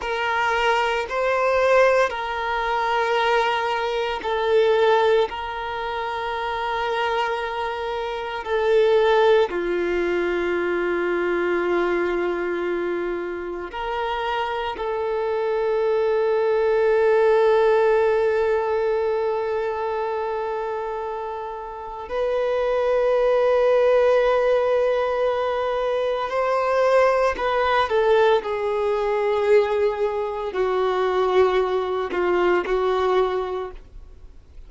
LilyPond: \new Staff \with { instrumentName = "violin" } { \time 4/4 \tempo 4 = 57 ais'4 c''4 ais'2 | a'4 ais'2. | a'4 f'2.~ | f'4 ais'4 a'2~ |
a'1~ | a'4 b'2.~ | b'4 c''4 b'8 a'8 gis'4~ | gis'4 fis'4. f'8 fis'4 | }